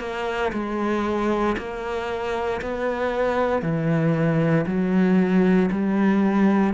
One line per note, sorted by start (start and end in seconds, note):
0.00 0.52 A#3
0.53 1.57 G#3
1.58 2.61 A#3
2.61 3.62 B3
3.62 4.66 E3
4.67 5.70 F#3
5.71 6.74 G3